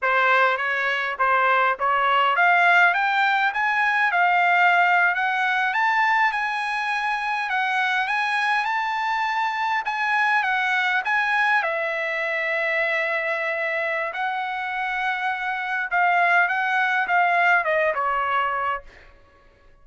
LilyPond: \new Staff \with { instrumentName = "trumpet" } { \time 4/4 \tempo 4 = 102 c''4 cis''4 c''4 cis''4 | f''4 g''4 gis''4 f''4~ | f''8. fis''4 a''4 gis''4~ gis''16~ | gis''8. fis''4 gis''4 a''4~ a''16~ |
a''8. gis''4 fis''4 gis''4 e''16~ | e''1 | fis''2. f''4 | fis''4 f''4 dis''8 cis''4. | }